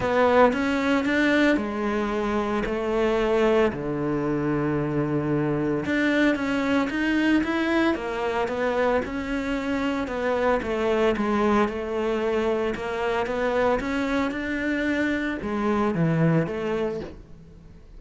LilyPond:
\new Staff \with { instrumentName = "cello" } { \time 4/4 \tempo 4 = 113 b4 cis'4 d'4 gis4~ | gis4 a2 d4~ | d2. d'4 | cis'4 dis'4 e'4 ais4 |
b4 cis'2 b4 | a4 gis4 a2 | ais4 b4 cis'4 d'4~ | d'4 gis4 e4 a4 | }